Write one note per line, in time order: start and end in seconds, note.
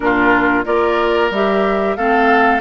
0.00 0.65 A#2
0.00 0.64 D4
0.00 0.65 F4
0.00 0.65 A#4
0.64 1.30 A#3
0.64 1.30 F4
0.64 1.97 A#4
0.64 1.31 D5
1.30 1.96 G3
1.30 1.98 G4
1.30 1.96 E5
1.96 2.60 A3
1.96 2.60 C4
1.96 2.60 A4
1.96 2.60 F5